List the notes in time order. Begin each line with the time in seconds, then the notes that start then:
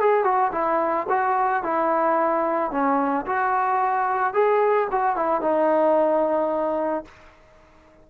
0.00 G#4
0.24 F#4
0.52 E4
1.09 F#4
1.63 E4
2.71 C#4
3.26 F#4
4.33 G#4
4.91 F#4
5.16 E4
5.41 D#4